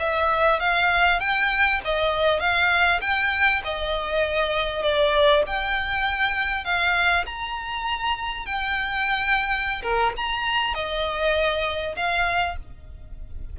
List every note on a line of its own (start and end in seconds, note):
0.00 0.60 E5
0.60 1.20 F5
1.20 1.81 G5
1.85 2.40 D#5
2.40 3.01 F5
3.02 3.62 G5
3.65 4.83 D#5
4.83 5.44 D5
5.47 6.65 G5
6.65 7.26 F5
7.26 8.46 A#5
8.46 9.83 G5
9.83 10.13 A#4
10.17 10.75 A#5
10.75 11.96 D#5
11.97 12.57 F5